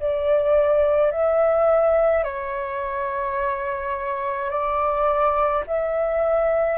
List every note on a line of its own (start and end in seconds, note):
0.00 1.12 D5
1.12 2.24 E5
2.24 4.50 C#5
4.51 5.64 D5
5.67 6.78 E5